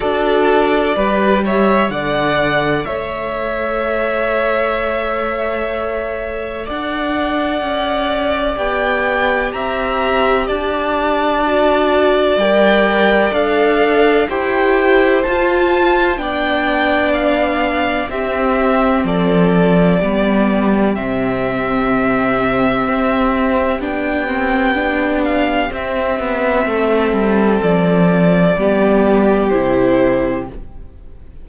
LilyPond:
<<
  \new Staff \with { instrumentName = "violin" } { \time 4/4 \tempo 4 = 63 d''4. e''8 fis''4 e''4~ | e''2. fis''4~ | fis''4 g''4 ais''4 a''4~ | a''4 g''4 f''4 g''4 |
a''4 g''4 f''4 e''4 | d''2 e''2~ | e''4 g''4. f''8 e''4~ | e''4 d''2 c''4 | }
  \new Staff \with { instrumentName = "violin" } { \time 4/4 a'4 b'8 cis''8 d''4 cis''4~ | cis''2. d''4~ | d''2 e''4 d''4~ | d''2. c''4~ |
c''4 d''2 g'4 | a'4 g'2.~ | g'1 | a'2 g'2 | }
  \new Staff \with { instrumentName = "viola" } { \time 4/4 fis'4 g'4 a'2~ | a'1~ | a'4 g'2. | fis'4 ais'4 a'4 g'4 |
f'4 d'2 c'4~ | c'4 b4 c'2~ | c'4 d'8 c'8 d'4 c'4~ | c'2 b4 e'4 | }
  \new Staff \with { instrumentName = "cello" } { \time 4/4 d'4 g4 d4 a4~ | a2. d'4 | cis'4 b4 c'4 d'4~ | d'4 g4 d'4 e'4 |
f'4 b2 c'4 | f4 g4 c2 | c'4 b2 c'8 b8 | a8 g8 f4 g4 c4 | }
>>